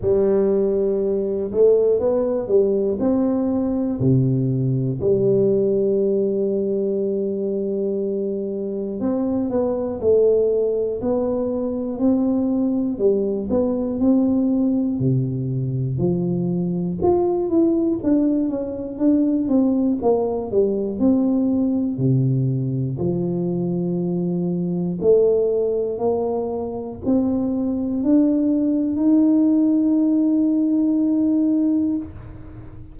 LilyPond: \new Staff \with { instrumentName = "tuba" } { \time 4/4 \tempo 4 = 60 g4. a8 b8 g8 c'4 | c4 g2.~ | g4 c'8 b8 a4 b4 | c'4 g8 b8 c'4 c4 |
f4 f'8 e'8 d'8 cis'8 d'8 c'8 | ais8 g8 c'4 c4 f4~ | f4 a4 ais4 c'4 | d'4 dis'2. | }